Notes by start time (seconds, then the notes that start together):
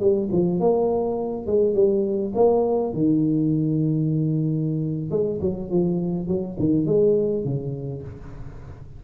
0.00 G3
0.32 F3
0.60 A#3
1.47 G#3
1.75 G3
2.35 A#3
2.93 D#3
5.11 G#3
5.41 F#3
5.71 F3
6.28 F#3
6.60 D#3
6.86 G#3
7.45 C#3